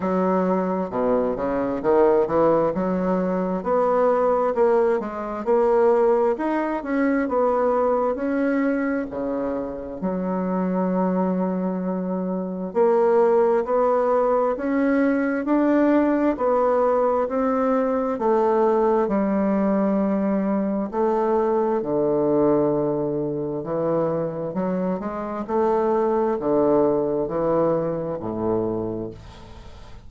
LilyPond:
\new Staff \with { instrumentName = "bassoon" } { \time 4/4 \tempo 4 = 66 fis4 b,8 cis8 dis8 e8 fis4 | b4 ais8 gis8 ais4 dis'8 cis'8 | b4 cis'4 cis4 fis4~ | fis2 ais4 b4 |
cis'4 d'4 b4 c'4 | a4 g2 a4 | d2 e4 fis8 gis8 | a4 d4 e4 a,4 | }